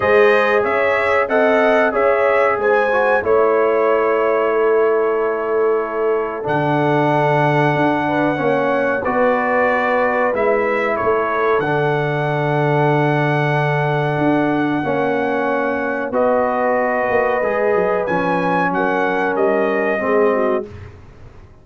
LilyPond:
<<
  \new Staff \with { instrumentName = "trumpet" } { \time 4/4 \tempo 4 = 93 dis''4 e''4 fis''4 e''4 | gis''4 cis''2.~ | cis''2 fis''2~ | fis''2 d''2 |
e''4 cis''4 fis''2~ | fis''1~ | fis''4 dis''2. | gis''4 fis''4 dis''2 | }
  \new Staff \with { instrumentName = "horn" } { \time 4/4 c''4 cis''4 dis''4 cis''4 | c''4 cis''2 a'4~ | a'1~ | a'8 b'8 cis''4 b'2~ |
b'4 a'2.~ | a'2. cis''4~ | cis''4 b'2.~ | b'4 ais'2 gis'8 fis'8 | }
  \new Staff \with { instrumentName = "trombone" } { \time 4/4 gis'2 a'4 gis'4~ | gis'8 fis'8 e'2.~ | e'2 d'2~ | d'4 cis'4 fis'2 |
e'2 d'2~ | d'2. cis'4~ | cis'4 fis'2 gis'4 | cis'2. c'4 | }
  \new Staff \with { instrumentName = "tuba" } { \time 4/4 gis4 cis'4 c'4 cis'4 | gis4 a2.~ | a2 d2 | d'4 ais4 b2 |
gis4 a4 d2~ | d2 d'4 ais4~ | ais4 b4. ais8 gis8 fis8 | f4 fis4 g4 gis4 | }
>>